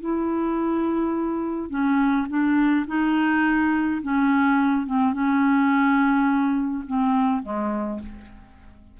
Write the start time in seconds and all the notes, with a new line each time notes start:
0.00 E4
1.70 C#4
2.28 D4
2.87 D#4
4.02 C#4
4.86 C4
5.12 C#4
6.87 C4
7.42 G#3